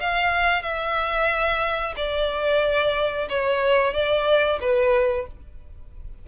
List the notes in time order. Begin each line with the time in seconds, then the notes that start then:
0.00 F5
0.62 E5
1.96 D5
3.29 C#5
3.94 D5
4.61 B4